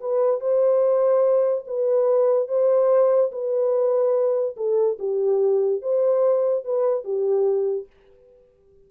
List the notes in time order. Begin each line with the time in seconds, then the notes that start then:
0.00 B4
0.40 C5
1.67 B4
2.48 C5
3.31 B4
4.56 A4
4.99 G4
5.81 C5
6.64 B4
7.04 G4